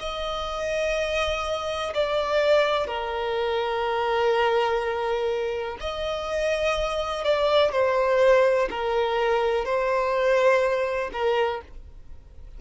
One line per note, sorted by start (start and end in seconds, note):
0.00 1.94 D#5
1.94 2.87 D5
2.87 5.78 A#4
5.81 7.24 D#5
7.24 7.72 D5
7.72 8.69 C5
8.70 9.65 A#4
9.65 11.10 C5
11.13 11.61 A#4